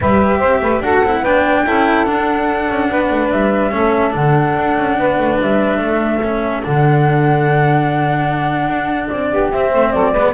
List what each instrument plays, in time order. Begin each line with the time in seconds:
0.00 double bass G3, cello G4, saxophone B4, flute E5
0.38 double bass C4, saxophone C5
0.61 double bass A3, saxophone B4
0.80 double bass D4, cello F#4, saxophone A4, flute F#5
1.02 double bass C4, cello E4
1.20 double bass B3, cello D4, saxophone B4, flute G5
1.66 double bass C#4, cello E4, saxophone A4
2.04 double bass D4, cello D4, flute F#5
2.69 double bass C#4
2.90 double bass B3, saxophone B4
3.10 double bass A3
3.31 double bass G3, flute E5
3.70 double bass A3, cello C#4, saxophone A4
4.10 double bass D3, cello D4, flute F#5
4.57 double bass D4
4.77 double bass C#4
4.98 double bass B3, saxophone B4
5.18 double bass A3
5.40 double bass G3, flute E5
5.78 double bass A3, saxophone A4
6.22 cello C#4
6.62 double bass D3, cello D4, flute F#5
8.67 double bass D4
9.07 double bass C4, flute D5
9.29 double bass B3, saxophone G4
9.51 double bass C4, cello C4, flute E5
9.70 double bass A3, saxophone C5
9.91 double bass F#3, saxophone A4, flute D5
10.11 double bass G#3, cello B3, saxophone B4